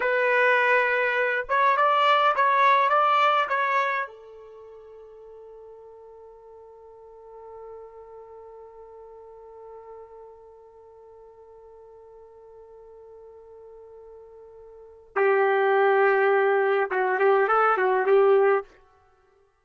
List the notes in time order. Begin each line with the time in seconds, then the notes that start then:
0.00 B4
1.48 C#5
1.76 D5
2.35 C#5
2.89 D5
3.48 C#5
4.07 A4
15.15 G4
16.91 F#4
17.19 G4
17.48 A4
17.77 F#4
18.06 G4